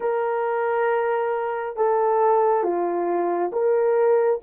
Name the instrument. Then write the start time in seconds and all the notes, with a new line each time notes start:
horn
0.00 A#4
1.76 A4
2.63 F4
3.52 A#4